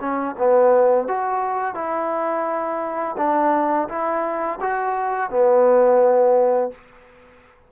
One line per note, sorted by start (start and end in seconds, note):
0.00 0.35 C#4
0.38 1.08 B3
1.08 1.75 F#4
1.75 3.16 E4
3.18 3.88 D4
3.89 4.59 E4
4.60 5.30 F#4
5.30 6.72 B3